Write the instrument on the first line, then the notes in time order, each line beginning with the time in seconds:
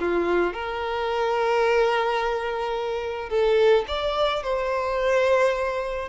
violin
0.00 F4
0.54 A#4
3.30 A4
3.88 D5
4.43 C5